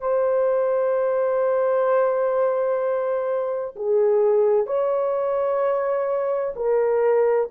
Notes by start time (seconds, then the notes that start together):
0.00 C5
3.76 G#4
4.67 C#5
6.56 A#4